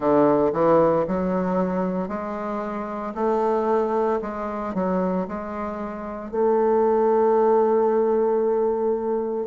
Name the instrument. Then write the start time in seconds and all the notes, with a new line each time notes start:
bassoon
0.00 D3
0.53 E3
1.07 F#3
2.08 G#3
3.14 A3
4.21 G#3
4.74 F#3
5.28 G#3
6.31 A3